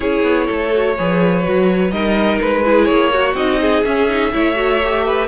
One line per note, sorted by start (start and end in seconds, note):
0.00 0.22 C#4
0.00 0.72 E4
0.00 0.46 G#4
0.00 1.91 C#5
0.22 0.46 B3
0.46 0.98 A3
0.46 0.94 A4
0.72 0.96 F#4
0.97 1.46 F3
0.97 1.43 G#4
0.97 1.92 B4
1.43 1.91 F#3
1.43 1.91 F#4
1.91 2.39 G3
1.91 2.64 D#4
1.91 2.64 A#4
1.91 2.39 D#5
2.41 2.89 G#3
2.41 2.85 B4
2.64 3.12 E4
2.64 3.13 G#4
2.85 3.34 A#3
2.85 3.33 C#5
3.13 3.36 F#4
3.13 3.60 F#4
3.34 3.82 C4
3.34 3.84 D#4
3.34 3.84 D#5
3.60 4.32 G#4
3.84 4.08 C#4
3.84 4.33 C#4
3.84 5.27 E5
4.08 4.31 D#4
4.31 5.27 A3
4.31 4.55 E4
4.31 5.04 C#5
4.55 4.79 F#4
4.83 5.27 G4
5.05 5.27 B4